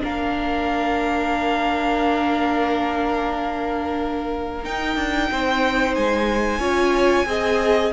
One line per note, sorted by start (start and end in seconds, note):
0.00 4.65 A#3
0.00 4.62 D4
0.00 5.30 A#4
0.00 4.64 F5
4.64 6.60 D#4
4.64 4.96 D#4
4.64 5.95 G5
4.96 5.29 D4
5.31 5.97 C4
5.31 6.60 C5
5.95 6.59 G#3
5.95 7.93 G#5
6.59 7.25 C#4
6.59 7.26 F4
6.59 7.26 C#5
7.26 7.92 C4
7.26 7.92 G#4
7.26 7.93 D#5